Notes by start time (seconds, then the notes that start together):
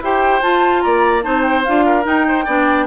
0.00 E4 G4 C5 G5
0.42 F4 A5
0.81 A#3 D5 A#5
1.22 C4 D#4 C5 A5
1.42 G5
1.64 D4 F4 F5
1.85 A#4
2.03 D#4 G5
2.28 C5
2.44 B3 D4 D5